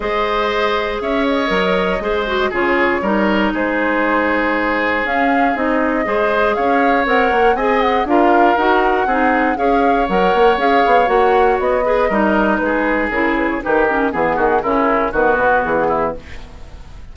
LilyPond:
<<
  \new Staff \with { instrumentName = "flute" } { \time 4/4 \tempo 4 = 119 dis''2 e''8 dis''4.~ | dis''4 cis''2 c''4~ | c''2 f''4 dis''4~ | dis''4 f''4 fis''4 gis''8 fis''8 |
f''4 fis''2 f''4 | fis''4 f''4 fis''4 dis''4~ | dis''4 b'4 ais'8 b'16 cis''16 b'8 ais'8 | gis'4 ais'4 b'4 gis'4 | }
  \new Staff \with { instrumentName = "oboe" } { \time 4/4 c''2 cis''2 | c''4 gis'4 ais'4 gis'4~ | gis'1 | c''4 cis''2 dis''4 |
ais'2 gis'4 cis''4~ | cis''2.~ cis''8 b'8 | ais'4 gis'2 g'4 | gis'8 fis'8 e'4 fis'4. e'8 | }
  \new Staff \with { instrumentName = "clarinet" } { \time 4/4 gis'2. ais'4 | gis'8 fis'8 f'4 dis'2~ | dis'2 cis'4 dis'4 | gis'2 ais'4 gis'4 |
f'4 fis'4 dis'4 gis'4 | ais'4 gis'4 fis'4. gis'8 | dis'2 e'4 dis'8 cis'8 | b4 cis'4 b2 | }
  \new Staff \with { instrumentName = "bassoon" } { \time 4/4 gis2 cis'4 fis4 | gis4 cis4 g4 gis4~ | gis2 cis'4 c'4 | gis4 cis'4 c'8 ais8 c'4 |
d'4 dis'4 c'4 cis'4 | fis8 ais8 cis'8 b8 ais4 b4 | g4 gis4 cis4 dis4 | e8 dis8 cis4 dis8 b,8 e4 | }
>>